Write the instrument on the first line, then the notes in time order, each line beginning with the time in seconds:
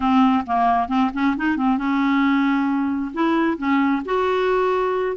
clarinet
0.00 C4
0.46 A#3
0.88 C4
1.13 C#4
1.37 D#4
1.56 C4
1.77 C#4
3.13 E4
3.57 C#4
4.05 F#4